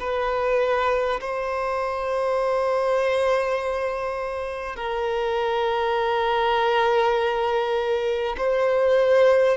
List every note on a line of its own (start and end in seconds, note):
0.00 1.20 B4
1.21 4.76 C5
4.76 8.36 A#4
8.37 9.57 C5